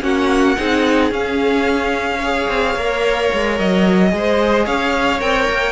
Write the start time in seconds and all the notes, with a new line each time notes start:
0.00 A#3 C#4 F#4 F#5
0.57 C4 D#4 G#4
1.11 C#4 F5
2.18 G#4 C#5
2.48 C4
2.75 A#3 A#4
3.33 G#3
3.58 F#3 D#5
4.09 G#3 G#4
4.17 C5
4.65 C#4 C#5 F5
5.20 C4 A#4 G5
5.49 A#3